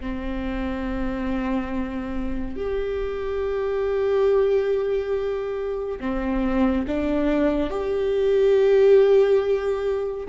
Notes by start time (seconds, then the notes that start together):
0.00 C4
2.56 G4
6.00 C4
6.87 D4
7.70 G4